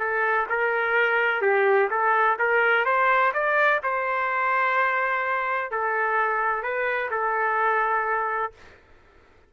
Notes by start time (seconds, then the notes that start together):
0.00 A4
0.49 A#4
1.42 G4
1.91 A4
2.39 A#4
2.85 C5
3.34 D5
3.84 C5
5.71 A4
6.63 B4
7.11 A4